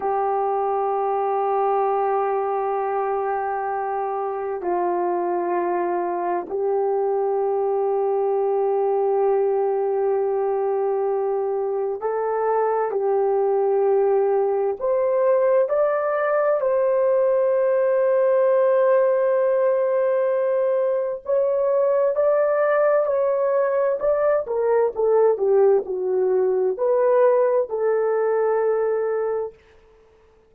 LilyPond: \new Staff \with { instrumentName = "horn" } { \time 4/4 \tempo 4 = 65 g'1~ | g'4 f'2 g'4~ | g'1~ | g'4 a'4 g'2 |
c''4 d''4 c''2~ | c''2. cis''4 | d''4 cis''4 d''8 ais'8 a'8 g'8 | fis'4 b'4 a'2 | }